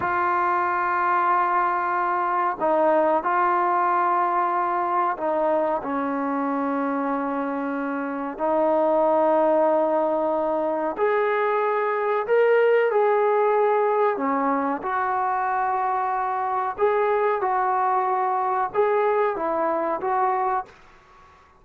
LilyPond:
\new Staff \with { instrumentName = "trombone" } { \time 4/4 \tempo 4 = 93 f'1 | dis'4 f'2. | dis'4 cis'2.~ | cis'4 dis'2.~ |
dis'4 gis'2 ais'4 | gis'2 cis'4 fis'4~ | fis'2 gis'4 fis'4~ | fis'4 gis'4 e'4 fis'4 | }